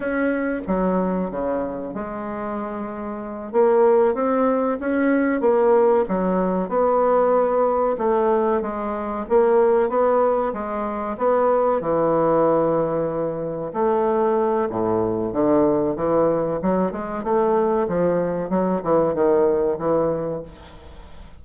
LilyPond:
\new Staff \with { instrumentName = "bassoon" } { \time 4/4 \tempo 4 = 94 cis'4 fis4 cis4 gis4~ | gis4. ais4 c'4 cis'8~ | cis'8 ais4 fis4 b4.~ | b8 a4 gis4 ais4 b8~ |
b8 gis4 b4 e4.~ | e4. a4. a,4 | d4 e4 fis8 gis8 a4 | f4 fis8 e8 dis4 e4 | }